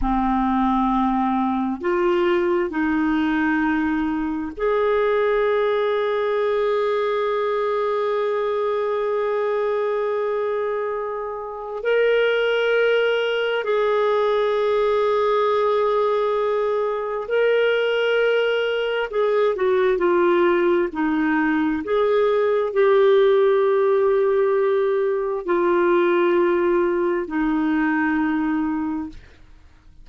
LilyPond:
\new Staff \with { instrumentName = "clarinet" } { \time 4/4 \tempo 4 = 66 c'2 f'4 dis'4~ | dis'4 gis'2.~ | gis'1~ | gis'4 ais'2 gis'4~ |
gis'2. ais'4~ | ais'4 gis'8 fis'8 f'4 dis'4 | gis'4 g'2. | f'2 dis'2 | }